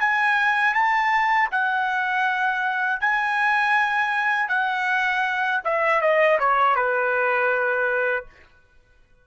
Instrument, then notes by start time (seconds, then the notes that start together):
trumpet
0.00 G#5
0.74 A5
1.51 F#5
3.00 G#5
4.49 F#5
5.64 E5
6.01 D#5
6.39 C#5
6.76 B4